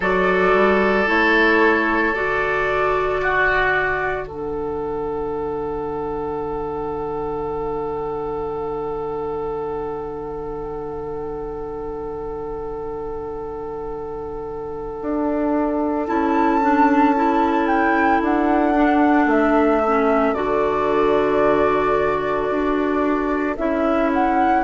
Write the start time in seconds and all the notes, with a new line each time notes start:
0.00 F#3 F#4 A4 D5
0.53 G3
1.06 A3 E4 C#5
2.14 D3 F#4 D5
3.22 F#4
4.26 D4 A4 F#5
15.01 D4
16.06 C#4 E4 A5
16.61 D4
17.15 E4
17.67 G5
18.21 D4 F#5
18.74 D4
19.26 A3 E5
19.87 C#4
20.34 D3 F#4 D5
22.50 D4
23.56 C#4 E4 E5
24.13 F#5